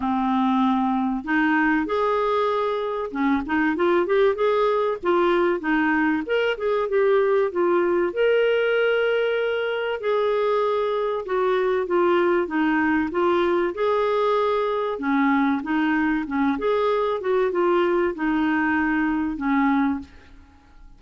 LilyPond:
\new Staff \with { instrumentName = "clarinet" } { \time 4/4 \tempo 4 = 96 c'2 dis'4 gis'4~ | gis'4 cis'8 dis'8 f'8 g'8 gis'4 | f'4 dis'4 ais'8 gis'8 g'4 | f'4 ais'2. |
gis'2 fis'4 f'4 | dis'4 f'4 gis'2 | cis'4 dis'4 cis'8 gis'4 fis'8 | f'4 dis'2 cis'4 | }